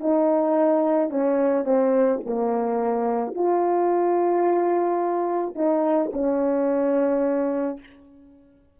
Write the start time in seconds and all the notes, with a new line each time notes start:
0.00 D#4
1.10 C#4
1.65 C4
2.25 A#3
3.34 F4
5.55 D#4
6.13 C#4